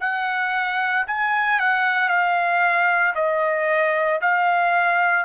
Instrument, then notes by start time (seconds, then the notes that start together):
trumpet
0.00 F#5
1.07 G#5
1.59 F#5
2.08 F5
3.15 D#5
4.21 F5